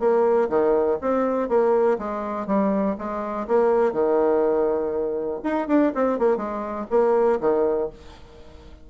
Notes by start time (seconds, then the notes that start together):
0.00 A#3
0.50 D#3
1.02 C4
1.49 A#3
1.99 G#3
2.47 G3
2.99 G#3
3.48 A#3
3.93 D#3
5.44 D#4
5.68 D4
5.95 C4
6.19 A#3
6.38 G#3
6.91 A#3
7.41 D#3